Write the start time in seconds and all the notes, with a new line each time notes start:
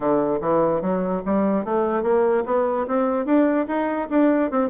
0.00 D3
0.41 E3
0.81 F#3
1.25 G3
1.64 A3
2.02 A#3
2.45 B3
2.87 C4
3.25 D4
3.67 D#4
4.09 D4
4.50 C4